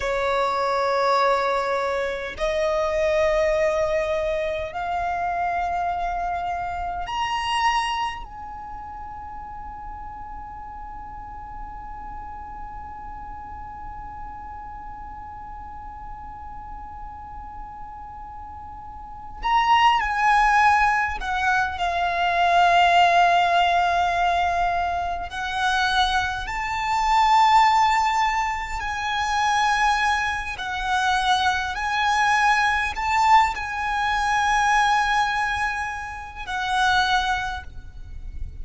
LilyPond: \new Staff \with { instrumentName = "violin" } { \time 4/4 \tempo 4 = 51 cis''2 dis''2 | f''2 ais''4 gis''4~ | gis''1~ | gis''1~ |
gis''8 ais''8 gis''4 fis''8 f''4.~ | f''4. fis''4 a''4.~ | a''8 gis''4. fis''4 gis''4 | a''8 gis''2~ gis''8 fis''4 | }